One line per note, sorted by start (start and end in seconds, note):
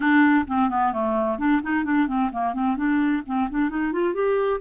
0.00 0.45 D4
0.47 0.69 C4
0.69 0.92 B3
0.92 1.38 A3
1.38 1.61 D4
1.62 1.84 D#4
1.84 2.07 D4
2.07 2.30 C4
2.32 2.53 A#3
2.53 2.76 C4
2.76 3.22 D4
3.26 3.49 C4
3.50 3.69 D4
3.69 3.92 D#4
3.92 4.14 F4
4.14 4.60 G4